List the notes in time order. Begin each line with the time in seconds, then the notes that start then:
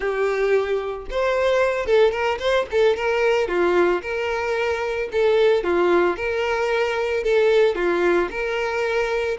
0.00 G4
1.10 C5
1.86 A4
2.11 A#4
2.39 C5
2.71 A4
2.96 A#4
3.48 F4
4.02 A#4
5.12 A4
5.63 F4
6.16 A#4
7.23 A4
7.75 F4
8.30 A#4